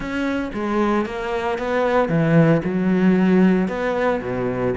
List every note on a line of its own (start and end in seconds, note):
0.00 0.50 C#4
0.53 1.05 G#3
1.05 1.58 A#3
1.58 2.08 B3
2.08 2.61 E3
2.64 3.68 F#3
3.68 4.20 B3
4.21 4.74 B2